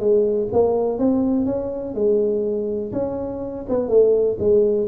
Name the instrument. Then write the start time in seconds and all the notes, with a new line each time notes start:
tuba
0.00 G#3
0.53 A#3
0.99 C4
1.46 C#4
1.95 G#3
2.93 C#4
3.69 B3
3.89 A3
4.39 G#3